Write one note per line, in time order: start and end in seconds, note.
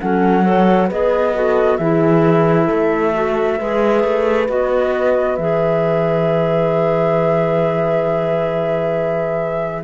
0.00 0.91 F#3
0.00 0.44 C#4
0.00 0.45 A4
0.00 0.90 F#5
0.44 0.88 A4
0.44 0.89 C#5
0.89 1.79 B3
0.89 1.34 G#4
0.89 1.34 B4
0.89 1.77 D#5
1.34 1.79 F#4
1.34 1.79 A4
1.77 2.69 E3
1.77 3.14 E4
1.77 2.65 G#4
1.77 4.46 E5
2.65 3.60 A3
2.65 3.55 A4
3.14 3.58 F#4
3.58 4.04 G#3
3.58 4.48 G#4
3.58 9.84 B4
4.04 4.49 A3
4.48 5.38 B3
4.48 5.38 F#4
4.48 5.36 D#5
5.36 9.84 E3
5.36 9.84 G#4
5.36 9.84 E5